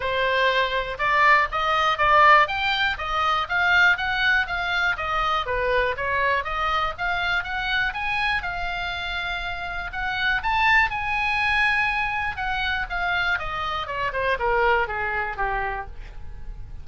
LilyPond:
\new Staff \with { instrumentName = "oboe" } { \time 4/4 \tempo 4 = 121 c''2 d''4 dis''4 | d''4 g''4 dis''4 f''4 | fis''4 f''4 dis''4 b'4 | cis''4 dis''4 f''4 fis''4 |
gis''4 f''2. | fis''4 a''4 gis''2~ | gis''4 fis''4 f''4 dis''4 | cis''8 c''8 ais'4 gis'4 g'4 | }